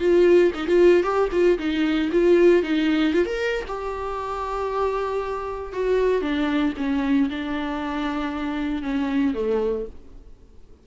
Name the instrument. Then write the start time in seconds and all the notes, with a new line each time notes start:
viola
0.00 F4
0.55 D#4
0.67 F4
1.03 G4
1.32 F4
1.58 D#4
2.12 F4
2.63 D#4
3.14 F4
3.26 A#4
3.68 G4
5.73 F#4
6.22 D4
6.78 C#4
7.30 D4
8.83 C#4
9.34 A3